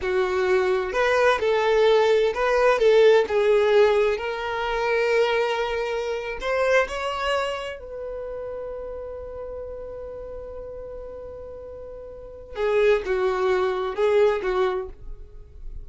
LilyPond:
\new Staff \with { instrumentName = "violin" } { \time 4/4 \tempo 4 = 129 fis'2 b'4 a'4~ | a'4 b'4 a'4 gis'4~ | gis'4 ais'2.~ | ais'4.~ ais'16 c''4 cis''4~ cis''16~ |
cis''8. b'2.~ b'16~ | b'1~ | b'2. gis'4 | fis'2 gis'4 fis'4 | }